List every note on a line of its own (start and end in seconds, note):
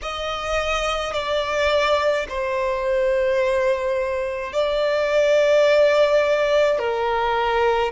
0.02 1.13 D#5
1.13 2.26 D5
2.28 4.52 C5
4.52 6.78 D5
6.78 7.91 A#4